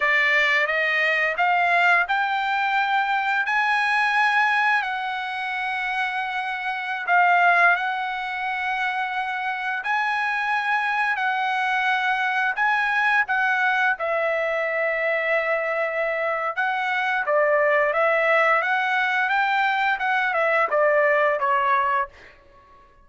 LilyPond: \new Staff \with { instrumentName = "trumpet" } { \time 4/4 \tempo 4 = 87 d''4 dis''4 f''4 g''4~ | g''4 gis''2 fis''4~ | fis''2~ fis''16 f''4 fis''8.~ | fis''2~ fis''16 gis''4.~ gis''16~ |
gis''16 fis''2 gis''4 fis''8.~ | fis''16 e''2.~ e''8. | fis''4 d''4 e''4 fis''4 | g''4 fis''8 e''8 d''4 cis''4 | }